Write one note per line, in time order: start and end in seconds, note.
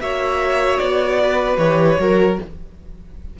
0.00 0.79 A#3
0.00 1.59 F#4
0.00 1.21 C#5
0.00 0.78 E5
0.78 1.57 B3
0.78 1.57 D5
1.23 2.00 B4
1.57 1.97 E3
1.57 1.98 G4
1.57 2.37 C#5
1.98 2.38 F#3
1.98 2.38 F#4
1.98 2.39 A#4